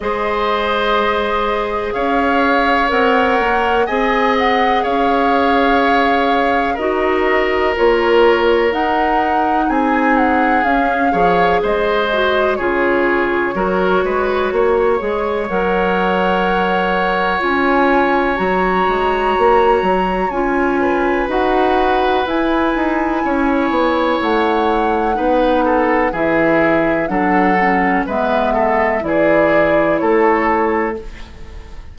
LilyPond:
<<
  \new Staff \with { instrumentName = "flute" } { \time 4/4 \tempo 4 = 62 dis''2 f''4 fis''4 | gis''8 fis''8 f''2 dis''4 | cis''4 fis''4 gis''8 fis''8 f''4 | dis''4 cis''2. |
fis''2 gis''4 ais''4~ | ais''4 gis''4 fis''4 gis''4~ | gis''4 fis''2 e''4 | fis''4 e''4 d''4 cis''4 | }
  \new Staff \with { instrumentName = "oboe" } { \time 4/4 c''2 cis''2 | dis''4 cis''2 ais'4~ | ais'2 gis'4. cis''8 | c''4 gis'4 ais'8 b'8 cis''4~ |
cis''1~ | cis''4. b'2~ b'8 | cis''2 b'8 a'8 gis'4 | a'4 b'8 a'8 gis'4 a'4 | }
  \new Staff \with { instrumentName = "clarinet" } { \time 4/4 gis'2. ais'4 | gis'2. fis'4 | f'4 dis'2 cis'8 gis'8~ | gis'8 fis'8 f'4 fis'4. gis'8 |
ais'2 f'4 fis'4~ | fis'4 f'4 fis'4 e'4~ | e'2 dis'4 e'4 | d'8 cis'8 b4 e'2 | }
  \new Staff \with { instrumentName = "bassoon" } { \time 4/4 gis2 cis'4 c'8 ais8 | c'4 cis'2 dis'4 | ais4 dis'4 c'4 cis'8 f8 | gis4 cis4 fis8 gis8 ais8 gis8 |
fis2 cis'4 fis8 gis8 | ais8 fis8 cis'4 dis'4 e'8 dis'8 | cis'8 b8 a4 b4 e4 | fis4 gis4 e4 a4 | }
>>